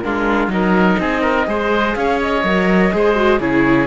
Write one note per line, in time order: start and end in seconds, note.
0.00 0.47 G#3
0.00 0.50 D4
0.00 0.52 F4
0.00 0.48 A#4
0.47 0.96 F#3
0.47 1.46 D#4
0.47 1.00 A#4
0.47 1.95 D#5
1.00 1.47 C4
1.00 1.21 G#4
1.21 1.46 A#4
1.46 1.96 G#3
1.46 2.43 G#4
1.46 1.97 C5
1.95 2.44 C#4
1.95 2.94 C#5
1.95 2.19 F5
2.21 3.40 D#5
2.44 2.92 F#3
2.44 2.92 A#4
2.92 3.40 G#3
2.92 3.16 G#4
2.92 3.40 C5
3.16 3.40 F#4
3.40 3.87 C#3
3.40 3.87 E4
3.40 3.87 G#4
3.40 3.87 C#5